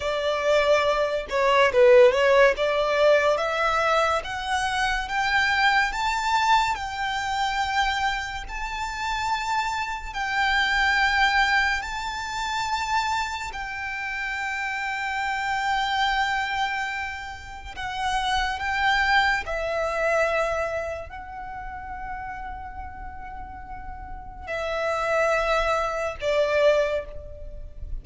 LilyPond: \new Staff \with { instrumentName = "violin" } { \time 4/4 \tempo 4 = 71 d''4. cis''8 b'8 cis''8 d''4 | e''4 fis''4 g''4 a''4 | g''2 a''2 | g''2 a''2 |
g''1~ | g''4 fis''4 g''4 e''4~ | e''4 fis''2.~ | fis''4 e''2 d''4 | }